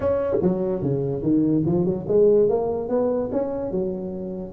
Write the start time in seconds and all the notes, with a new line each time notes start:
0.00 C#4
0.42 F#3
0.82 C#3
1.22 D#3
1.65 F3
1.85 F#3
2.08 G#3
2.48 A#3
2.88 B3
3.32 C#4
3.71 F#3